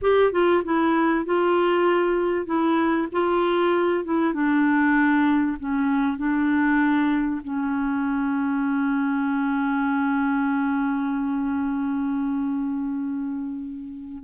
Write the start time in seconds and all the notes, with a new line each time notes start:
0.01 G4
0.31 F4
0.64 E4
1.25 F4
2.45 E4
3.12 F4
4.04 E4
4.33 D4
5.59 C#4
6.17 D4
7.43 C#4